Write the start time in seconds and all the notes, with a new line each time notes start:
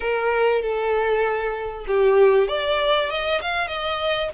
0.00 A#4
0.62 A4
1.87 G4
2.47 D5
3.09 D#5
3.41 F5
3.67 D#5